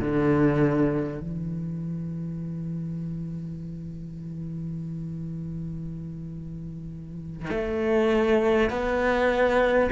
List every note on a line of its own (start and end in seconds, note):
0.00 1.20 D3
1.20 7.50 E3
7.50 8.69 A3
8.69 9.89 B3